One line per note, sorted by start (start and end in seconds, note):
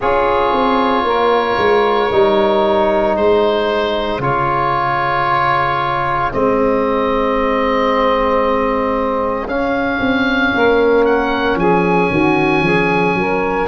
0.00 0.52 C#4
0.00 2.11 F4
0.00 1.04 G#4
0.00 3.16 C#5
0.52 1.03 C4
1.03 1.56 A#3
1.03 3.17 A#4
1.57 2.10 G#3
2.11 3.16 G3
2.11 4.21 D#4
3.16 4.18 G#3
3.16 10.54 G#4
3.16 4.21 C5
4.18 6.29 C#3
4.18 6.31 F4
4.18 6.32 C#5
6.31 9.46 G#3
6.31 9.47 C4
6.31 9.48 D#5
9.46 9.99 C#4
9.46 13.67 C#4
9.46 11.05 F5
9.99 10.52 C4
10.54 11.55 A#3
10.54 11.59 A#4
11.05 11.57 F#5
11.55 12.07 F3
11.55 12.11 G#4
11.55 13.67 G#5
12.11 12.60 D#3
12.11 12.63 F#4
12.60 13.13 F3
12.60 13.16 G#4
13.14 13.66 F#3
13.14 13.67 A#4